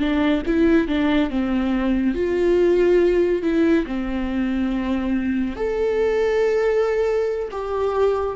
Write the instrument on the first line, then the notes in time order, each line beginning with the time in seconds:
viola
0.00 D4
0.46 E4
0.88 D4
1.30 C4
2.15 F4
3.42 E4
3.86 C4
5.56 A4
7.51 G4